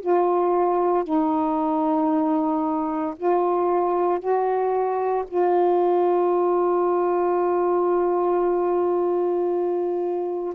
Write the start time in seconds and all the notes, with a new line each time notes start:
0.00 F4
1.04 D#4
3.16 F4
4.19 F#4
5.27 F4